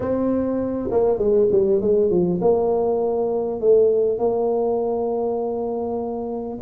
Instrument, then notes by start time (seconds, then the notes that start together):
tuba
0.00 C4
0.91 A#3
1.18 G#3
1.51 G3
1.81 G#3
2.10 F3
2.41 A#3
3.60 A3
4.18 A#3